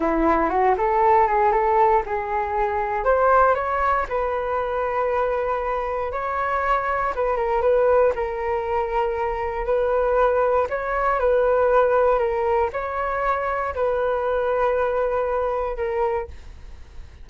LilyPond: \new Staff \with { instrumentName = "flute" } { \time 4/4 \tempo 4 = 118 e'4 fis'8 a'4 gis'8 a'4 | gis'2 c''4 cis''4 | b'1 | cis''2 b'8 ais'8 b'4 |
ais'2. b'4~ | b'4 cis''4 b'2 | ais'4 cis''2 b'4~ | b'2. ais'4 | }